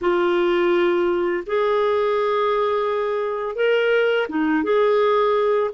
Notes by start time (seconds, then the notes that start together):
0.01 F4
1.46 G#4
3.55 A#4
4.28 D#4
4.63 G#4